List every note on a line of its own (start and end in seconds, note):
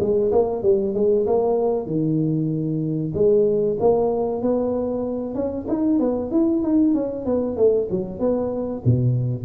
0.00 0.32 G#3
0.32 0.63 A#3
0.63 0.94 G3
0.95 1.26 G#3
1.27 1.87 A#3
1.87 3.13 D#3
3.15 3.78 G#3
3.80 4.42 A#3
4.42 5.35 B3
5.35 5.66 C#4
5.68 6.00 D#4
6.00 6.31 B3
6.31 6.63 E4
6.63 6.94 D#4
6.94 7.26 C#4
7.26 7.57 B3
7.57 7.88 A3
7.91 8.20 F#3
8.20 8.83 B3
8.85 9.45 B2